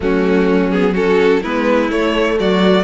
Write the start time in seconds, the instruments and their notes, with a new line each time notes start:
0.00 cello F#3, viola A3, violin C#4 F#4
0.70 viola B3, violin G#4
0.92 viola C#4, violin F#4 A4
1.42 cello G#3, viola B3, violin E4 B4
1.89 viola A3, cello A3, violin C#5
2.39 cello F#3, violin F#4 D5